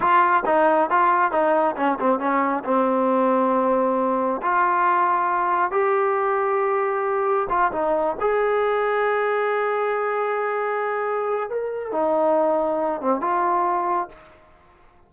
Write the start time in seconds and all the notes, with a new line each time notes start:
0.00 F4
0.45 D#4
0.90 F4
1.31 D#4
1.76 C#4
2.00 C4
2.19 C#4
2.64 C4
4.41 F4
5.71 G4
7.49 F4
7.72 D#4
8.20 G#4
11.49 A#4
11.92 D#4
13.01 C4
13.20 F4